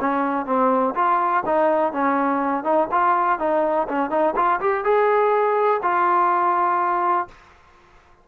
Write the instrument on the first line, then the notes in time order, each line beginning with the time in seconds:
trombone
0.00 C#4
0.46 C4
0.95 F4
1.46 D#4
1.92 C#4
2.63 D#4
2.91 F4
3.39 D#4
3.88 C#4
4.10 D#4
4.35 F4
4.60 G4
4.84 G#4
5.82 F4